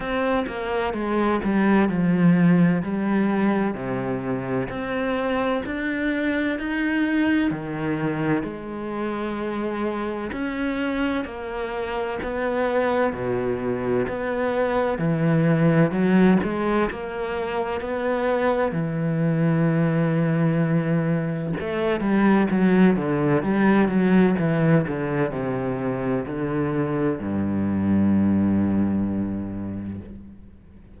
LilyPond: \new Staff \with { instrumentName = "cello" } { \time 4/4 \tempo 4 = 64 c'8 ais8 gis8 g8 f4 g4 | c4 c'4 d'4 dis'4 | dis4 gis2 cis'4 | ais4 b4 b,4 b4 |
e4 fis8 gis8 ais4 b4 | e2. a8 g8 | fis8 d8 g8 fis8 e8 d8 c4 | d4 g,2. | }